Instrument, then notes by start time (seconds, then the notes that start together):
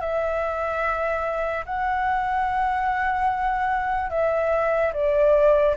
flute
0.00 E5
1.66 F#5
4.10 E5
4.93 D5